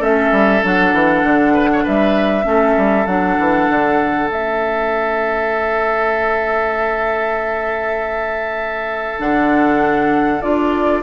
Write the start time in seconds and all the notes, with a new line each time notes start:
0.00 A3 C#4 A4 E5
0.32 G3
0.64 F#3 D4 F#5
0.93 E3
1.24 D3
1.54 B4
1.73 C#5
1.84 G3 B4 E5
2.44 A3 C#4 A4
2.78 G3
3.07 F#3 D4 F#5
3.39 E3
3.69 D3
4.30 A3 C#4 E5
9.19 D3 D4 F#5
10.42 D4 F4 D5